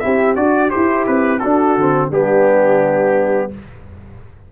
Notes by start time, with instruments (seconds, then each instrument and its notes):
0.00 tuba C4, trombone E4, horn G4, trumpet E5
0.36 tuba D4, trombone F#4, horn F#4, trumpet D5
0.70 horn E4, trombone G4, trumpet C5
0.77 tuba E4
1.07 tuba C4, trumpet B4
1.40 trombone D4, tuba D4, horn F#4, trumpet A4
1.77 tuba D3, trombone C4
2.10 tuba G3, trombone B3, horn D4, trumpet G4